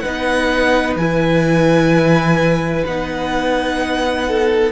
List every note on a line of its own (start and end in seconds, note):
0.00 0.99 D#4
0.00 4.24 B4
0.00 0.94 F#5
0.07 0.96 B3
0.96 2.84 E3
0.96 2.88 E4
0.96 2.85 G#5
2.86 4.72 B3
2.86 4.72 D#4
2.86 4.72 F#5
4.28 4.72 A4